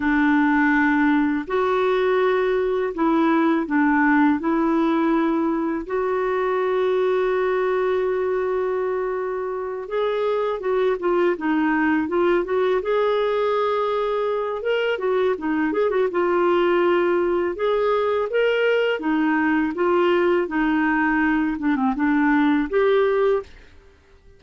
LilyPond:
\new Staff \with { instrumentName = "clarinet" } { \time 4/4 \tempo 4 = 82 d'2 fis'2 | e'4 d'4 e'2 | fis'1~ | fis'4. gis'4 fis'8 f'8 dis'8~ |
dis'8 f'8 fis'8 gis'2~ gis'8 | ais'8 fis'8 dis'8 gis'16 fis'16 f'2 | gis'4 ais'4 dis'4 f'4 | dis'4. d'16 c'16 d'4 g'4 | }